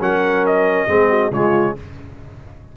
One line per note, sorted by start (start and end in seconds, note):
0.00 0.88 F#3
0.00 0.88 C#4
0.00 0.89 A#4
0.00 0.46 F#5
0.47 1.33 D#5
0.88 1.31 G#3
0.88 1.32 C4
0.88 1.10 G#4
1.10 1.32 F#4
1.31 1.75 C#3
1.31 1.77 G#3
1.31 1.76 F4
1.31 1.77 C#5